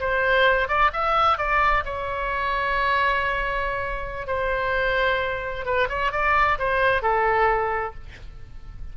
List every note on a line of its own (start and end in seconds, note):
0.00 0.68 C5
0.68 0.91 D5
0.93 1.38 E5
1.38 1.84 D5
1.85 4.27 C#5
4.27 5.66 C5
5.66 5.89 B4
5.89 6.12 C#5
6.12 6.58 D5
6.59 7.02 C5
7.02 7.95 A4